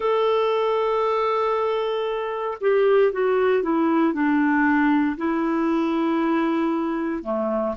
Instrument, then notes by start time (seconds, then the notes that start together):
clarinet
0.00 A4
2.61 G4
3.12 F#4
3.62 E4
4.13 D4
5.17 E4
7.23 A3